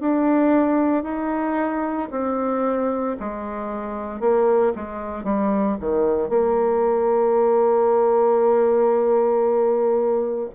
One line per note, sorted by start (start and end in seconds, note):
0.00 1.03 D4
1.03 2.09 D#4
2.11 3.16 C4
3.20 4.20 G#3
4.20 4.73 A#3
4.76 5.24 G#3
5.24 5.77 G3
5.80 6.29 D#3
6.29 10.50 A#3